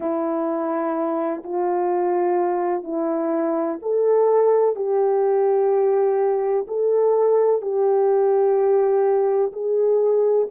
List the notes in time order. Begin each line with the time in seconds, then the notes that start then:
0.00 E4
1.43 F4
2.83 E4
3.82 A4
4.75 G4
6.67 A4
7.61 G4
9.52 G#4